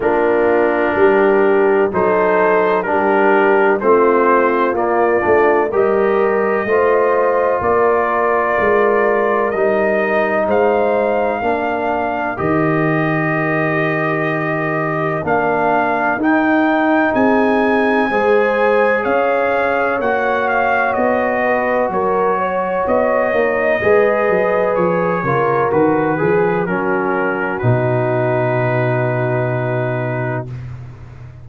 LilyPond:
<<
  \new Staff \with { instrumentName = "trumpet" } { \time 4/4 \tempo 4 = 63 ais'2 c''4 ais'4 | c''4 d''4 dis''2 | d''2 dis''4 f''4~ | f''4 dis''2. |
f''4 g''4 gis''2 | f''4 fis''8 f''8 dis''4 cis''4 | dis''2 cis''4 b'4 | ais'4 b'2. | }
  \new Staff \with { instrumentName = "horn" } { \time 4/4 f'4 g'4 a'4 g'4 | f'2 ais'4 c''4 | ais'2. c''4 | ais'1~ |
ais'2 gis'4 c''4 | cis''2~ cis''8 b'8 ais'8 cis''8~ | cis''4 b'4. ais'4 gis'8 | fis'1 | }
  \new Staff \with { instrumentName = "trombone" } { \time 4/4 d'2 dis'4 d'4 | c'4 ais8 d'8 g'4 f'4~ | f'2 dis'2 | d'4 g'2. |
d'4 dis'2 gis'4~ | gis'4 fis'2.~ | fis'8 dis'8 gis'4. f'8 fis'8 gis'8 | cis'4 dis'2. | }
  \new Staff \with { instrumentName = "tuba" } { \time 4/4 ais4 g4 fis4 g4 | a4 ais8 a8 g4 a4 | ais4 gis4 g4 gis4 | ais4 dis2. |
ais4 dis'4 c'4 gis4 | cis'4 ais4 b4 fis4 | b8 ais8 gis8 fis8 f8 cis8 dis8 f8 | fis4 b,2. | }
>>